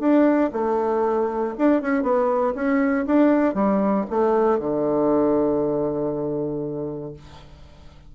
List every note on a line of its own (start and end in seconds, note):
0.00 0.51 D4
0.53 1.55 A3
1.58 1.82 D4
1.82 2.03 C#4
2.03 2.54 B3
2.55 3.06 C#4
3.07 3.55 D4
3.55 4.05 G3
4.10 4.59 A3
4.59 7.13 D3